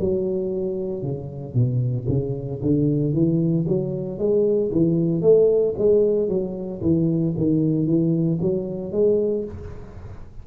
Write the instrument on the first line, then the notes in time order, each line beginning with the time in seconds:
tuba
0.00 F#3
1.03 C#3
1.54 B2
2.08 C#3
2.62 D3
3.13 E3
3.67 F#3
4.19 G#3
4.72 E3
5.22 A3
5.78 G#3
6.29 F#3
6.82 E3
7.37 D#3
7.87 E3
8.42 F#3
8.92 G#3